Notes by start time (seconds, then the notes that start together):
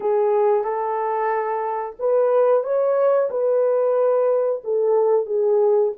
0.00 G#4
0.64 A4
1.99 B4
2.63 C#5
3.30 B4
4.63 A4
5.26 G#4